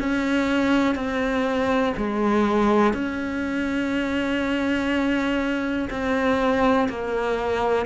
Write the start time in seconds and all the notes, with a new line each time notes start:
0.00 C#4
0.96 C4
1.98 G#3
2.94 C#4
5.91 C4
6.89 A#3